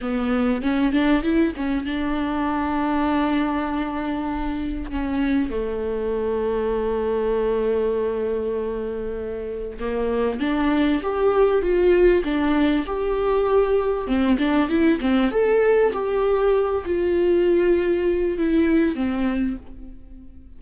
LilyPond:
\new Staff \with { instrumentName = "viola" } { \time 4/4 \tempo 4 = 98 b4 cis'8 d'8 e'8 cis'8 d'4~ | d'1 | cis'4 a2.~ | a1 |
ais4 d'4 g'4 f'4 | d'4 g'2 c'8 d'8 | e'8 c'8 a'4 g'4. f'8~ | f'2 e'4 c'4 | }